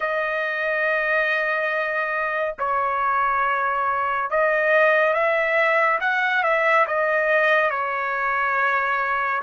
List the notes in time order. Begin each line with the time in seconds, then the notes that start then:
0.00 D#5
2.59 C#5
4.30 D#5
5.13 E5
6.00 F#5
6.43 E5
6.87 D#5
7.70 C#5